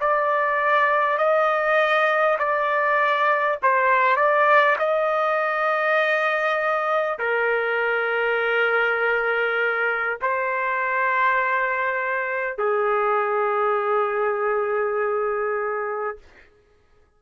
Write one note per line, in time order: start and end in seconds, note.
0.00 1.18 D5
1.18 2.38 D#5
2.39 3.59 D5
3.63 4.16 C5
4.16 4.76 D5
4.79 7.19 D#5
7.19 10.19 A#4
10.22 12.58 C5
12.58 16.18 G#4